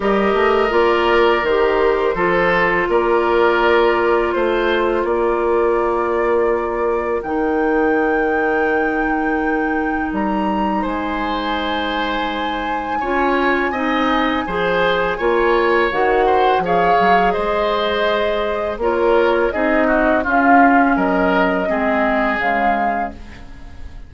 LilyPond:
<<
  \new Staff \with { instrumentName = "flute" } { \time 4/4 \tempo 4 = 83 dis''4 d''4 c''2 | d''2 c''4 d''4~ | d''2 g''2~ | g''2 ais''4 gis''4~ |
gis''1~ | gis''2 fis''4 f''4 | dis''2 cis''4 dis''4 | f''4 dis''2 f''4 | }
  \new Staff \with { instrumentName = "oboe" } { \time 4/4 ais'2. a'4 | ais'2 c''4 ais'4~ | ais'1~ | ais'2. c''4~ |
c''2 cis''4 dis''4 | c''4 cis''4. c''8 cis''4 | c''2 ais'4 gis'8 fis'8 | f'4 ais'4 gis'2 | }
  \new Staff \with { instrumentName = "clarinet" } { \time 4/4 g'4 f'4 g'4 f'4~ | f'1~ | f'2 dis'2~ | dis'1~ |
dis'2 f'4 dis'4 | gis'4 f'4 fis'4 gis'4~ | gis'2 f'4 dis'4 | cis'2 c'4 gis4 | }
  \new Staff \with { instrumentName = "bassoon" } { \time 4/4 g8 a8 ais4 dis4 f4 | ais2 a4 ais4~ | ais2 dis2~ | dis2 g4 gis4~ |
gis2 cis'4 c'4 | f4 ais4 dis4 f8 fis8 | gis2 ais4 c'4 | cis'4 fis4 gis4 cis4 | }
>>